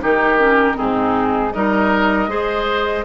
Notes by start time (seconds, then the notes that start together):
0.00 D#3 D#4 G4 A#4
0.38 C#4
0.75 G#2 C4 D#4 G#4
1.53 G3 D#4 A#4 D#5
2.28 G#3 G#4 C5